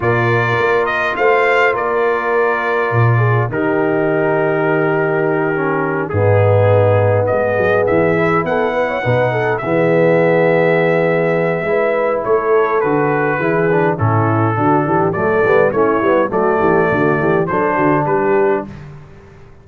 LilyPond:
<<
  \new Staff \with { instrumentName = "trumpet" } { \time 4/4 \tempo 4 = 103 d''4. dis''8 f''4 d''4~ | d''2 ais'2~ | ais'2~ ais'8 gis'4.~ | gis'8 dis''4 e''4 fis''4.~ |
fis''8 e''2.~ e''8~ | e''4 cis''4 b'2 | a'2 d''4 cis''4 | d''2 c''4 b'4 | }
  \new Staff \with { instrumentName = "horn" } { \time 4/4 ais'2 c''4 ais'4~ | ais'4. gis'8 g'2~ | g'2~ g'8 dis'4.~ | dis'8 gis'2 a'8 b'16 cis''16 b'8 |
a'8 gis'2.~ gis'8 | b'4 a'2 gis'4 | e'4 fis'8 g'8 a'4 e'4 | fis'8 g'8 fis'8 g'8 a'8 fis'8 g'4 | }
  \new Staff \with { instrumentName = "trombone" } { \time 4/4 f'1~ | f'2 dis'2~ | dis'4. cis'4 b4.~ | b2 e'4. dis'8~ |
dis'8 b2.~ b8 | e'2 fis'4 e'8 d'8 | cis'4 d'4 a8 b8 cis'8 b8 | a2 d'2 | }
  \new Staff \with { instrumentName = "tuba" } { \time 4/4 ais,4 ais4 a4 ais4~ | ais4 ais,4 dis2~ | dis2~ dis8 gis,4.~ | gis,8 gis8 fis8 e4 b4 b,8~ |
b,8 e2.~ e8 | gis4 a4 d4 e4 | a,4 d8 e8 fis8 g8 a8 g8 | fis8 e8 d8 e8 fis8 d8 g4 | }
>>